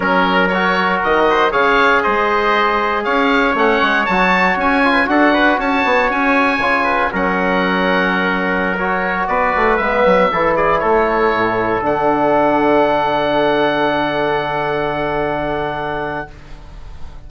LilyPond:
<<
  \new Staff \with { instrumentName = "oboe" } { \time 4/4 \tempo 4 = 118 ais'4 cis''4 dis''4 f''4 | dis''2 f''4 fis''4 | a''4 gis''4 fis''4 a''4 | gis''2 fis''2~ |
fis''4~ fis''16 cis''4 d''4 e''8.~ | e''8. d''8 cis''2 fis''8.~ | fis''1~ | fis''1 | }
  \new Staff \with { instrumentName = "trumpet" } { \time 4/4 ais'2~ ais'8 c''8 cis''4 | c''2 cis''2~ | cis''4.~ cis''16 b'16 a'8 b'8 cis''4~ | cis''4. b'8 ais'2~ |
ais'2~ ais'16 b'4.~ b'16~ | b'16 a'8 gis'8 a'2~ a'8.~ | a'1~ | a'1 | }
  \new Staff \with { instrumentName = "trombone" } { \time 4/4 cis'4 fis'2 gis'4~ | gis'2. cis'4 | fis'4. f'8 fis'2~ | fis'4 f'4 cis'2~ |
cis'4~ cis'16 fis'2 b8.~ | b16 e'2. d'8.~ | d'1~ | d'1 | }
  \new Staff \with { instrumentName = "bassoon" } { \time 4/4 fis2 dis4 cis4 | gis2 cis'4 a8 gis8 | fis4 cis'4 d'4 cis'8 b8 | cis'4 cis4 fis2~ |
fis2~ fis16 b8 a8 gis8 fis16~ | fis16 e4 a4 a,4 d8.~ | d1~ | d1 | }
>>